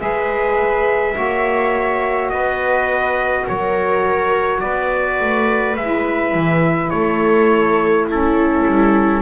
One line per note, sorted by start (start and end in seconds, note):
0.00 1.17 G#3
0.00 1.14 G#4
0.00 1.16 B4
0.00 2.30 E5
1.14 2.32 A#3
1.14 5.76 F#4
1.14 2.31 C#5
2.30 3.48 B3
2.30 3.45 B4
2.30 3.45 D#5
3.45 4.63 F#3
3.45 4.61 A#4
3.45 4.61 C#5
4.61 5.20 B3
4.61 6.94 B4
4.61 5.76 D5
5.20 5.77 A3
5.77 6.34 G#3
5.77 8.11 E4
5.77 6.90 E5
6.34 6.91 E3
6.90 8.66 A3
6.90 8.09 A4
6.90 8.06 C#5
8.09 9.22 C#4
8.09 9.22 E4
8.09 9.22 A4
8.66 9.22 G3